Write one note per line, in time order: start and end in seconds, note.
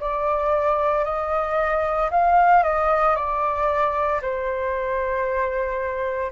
0.00 1.05 D5
1.05 2.10 D#5
2.11 2.63 F5
2.63 3.16 D#5
3.16 4.21 D5
4.22 6.32 C5